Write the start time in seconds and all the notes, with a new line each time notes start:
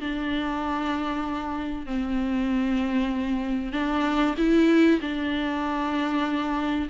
0.00 D4
1.86 C4
3.72 D4
4.37 E4
5.01 D4